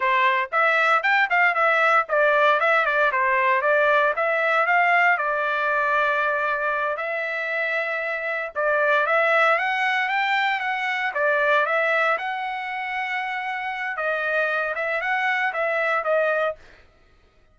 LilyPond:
\new Staff \with { instrumentName = "trumpet" } { \time 4/4 \tempo 4 = 116 c''4 e''4 g''8 f''8 e''4 | d''4 e''8 d''8 c''4 d''4 | e''4 f''4 d''2~ | d''4. e''2~ e''8~ |
e''8 d''4 e''4 fis''4 g''8~ | g''8 fis''4 d''4 e''4 fis''8~ | fis''2. dis''4~ | dis''8 e''8 fis''4 e''4 dis''4 | }